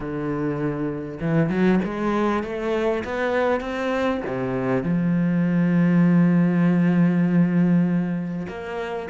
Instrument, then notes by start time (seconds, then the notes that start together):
cello
0.00 D3
1.20 E3
1.49 F#3
1.84 G#3
2.43 A3
3.04 B3
3.60 C4
4.26 C3
4.83 F3
8.48 A#3